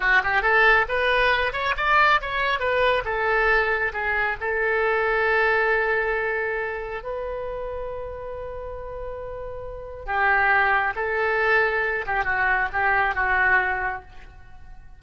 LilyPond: \new Staff \with { instrumentName = "oboe" } { \time 4/4 \tempo 4 = 137 fis'8 g'8 a'4 b'4. cis''8 | d''4 cis''4 b'4 a'4~ | a'4 gis'4 a'2~ | a'1 |
b'1~ | b'2. g'4~ | g'4 a'2~ a'8 g'8 | fis'4 g'4 fis'2 | }